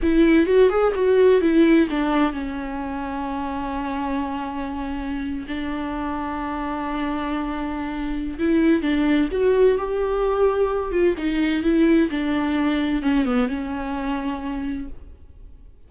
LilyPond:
\new Staff \with { instrumentName = "viola" } { \time 4/4 \tempo 4 = 129 e'4 fis'8 gis'8 fis'4 e'4 | d'4 cis'2.~ | cis'2.~ cis'8. d'16~ | d'1~ |
d'2 e'4 d'4 | fis'4 g'2~ g'8 f'8 | dis'4 e'4 d'2 | cis'8 b8 cis'2. | }